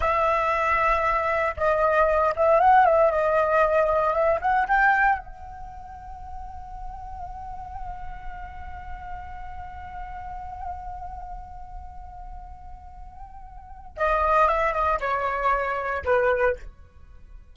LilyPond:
\new Staff \with { instrumentName = "flute" } { \time 4/4 \tempo 4 = 116 e''2. dis''4~ | dis''8 e''8 fis''8 e''8 dis''2 | e''8 fis''8 g''4 fis''2~ | fis''1~ |
fis''1~ | fis''1~ | fis''2. dis''4 | e''8 dis''8 cis''2 b'4 | }